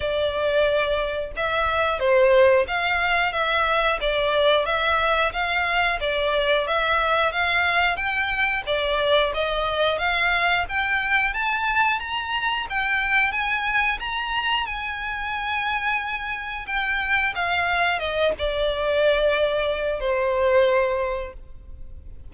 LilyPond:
\new Staff \with { instrumentName = "violin" } { \time 4/4 \tempo 4 = 90 d''2 e''4 c''4 | f''4 e''4 d''4 e''4 | f''4 d''4 e''4 f''4 | g''4 d''4 dis''4 f''4 |
g''4 a''4 ais''4 g''4 | gis''4 ais''4 gis''2~ | gis''4 g''4 f''4 dis''8 d''8~ | d''2 c''2 | }